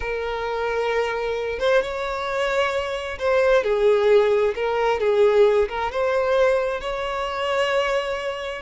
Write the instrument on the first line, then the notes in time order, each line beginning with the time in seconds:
violin
0.00 A#4
1.59 C5
1.82 C#5
3.18 C5
3.63 G#4
4.55 A#4
5.00 G#4
5.68 A#4
5.91 C5
6.80 C#5